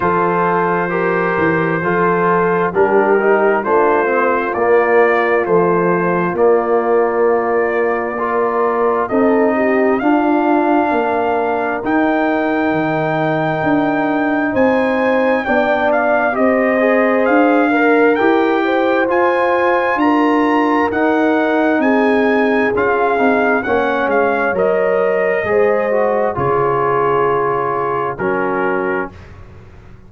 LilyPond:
<<
  \new Staff \with { instrumentName = "trumpet" } { \time 4/4 \tempo 4 = 66 c''2. ais'4 | c''4 d''4 c''4 d''4~ | d''2 dis''4 f''4~ | f''4 g''2. |
gis''4 g''8 f''8 dis''4 f''4 | g''4 gis''4 ais''4 fis''4 | gis''4 f''4 fis''8 f''8 dis''4~ | dis''4 cis''2 ais'4 | }
  \new Staff \with { instrumentName = "horn" } { \time 4/4 a'4 ais'4 a'4 g'4 | f'1~ | f'4 ais'4 a'8 g'8 f'4 | ais'1 |
c''4 d''4 c''4. ais'8~ | ais'8 c''4. ais'2 | gis'2 cis''2 | c''4 gis'2 fis'4 | }
  \new Staff \with { instrumentName = "trombone" } { \time 4/4 f'4 g'4 f'4 d'8 dis'8 | d'8 c'8 ais4 f4 ais4~ | ais4 f'4 dis'4 d'4~ | d'4 dis'2.~ |
dis'4 d'4 g'8 gis'4 ais'8 | g'4 f'2 dis'4~ | dis'4 f'8 dis'8 cis'4 ais'4 | gis'8 fis'8 f'2 cis'4 | }
  \new Staff \with { instrumentName = "tuba" } { \time 4/4 f4. e8 f4 g4 | a4 ais4 a4 ais4~ | ais2 c'4 d'4 | ais4 dis'4 dis4 d'4 |
c'4 b4 c'4 d'4 | e'4 f'4 d'4 dis'4 | c'4 cis'8 c'8 ais8 gis8 fis4 | gis4 cis2 fis4 | }
>>